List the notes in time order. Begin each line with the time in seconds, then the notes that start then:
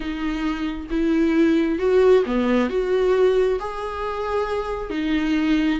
0.00 D#4
0.90 E4
1.78 F#4
2.26 B3
2.69 F#4
3.59 G#4
4.90 D#4